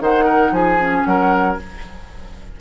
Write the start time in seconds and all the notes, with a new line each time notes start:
0.00 D#3 D#4 C5 F#5
0.24 A#4
0.51 F3 G#4 G#5
0.78 C#4
1.05 F#3 A#4 F#5